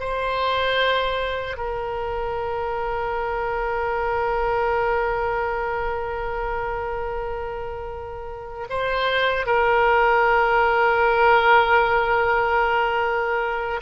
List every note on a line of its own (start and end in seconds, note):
0.00 1.58 C5
1.58 8.68 A#4
8.70 9.47 C5
9.47 13.81 A#4